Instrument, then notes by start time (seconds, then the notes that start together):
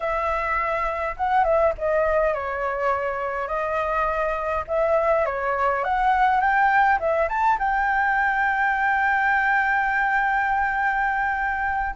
flute
0.00 E5
1.17 F#5
1.44 E5
1.78 D#5
2.34 C#5
3.47 D#5
4.67 E5
5.25 C#5
5.84 F#5
6.40 G5
6.99 E5
7.28 A5
7.58 G5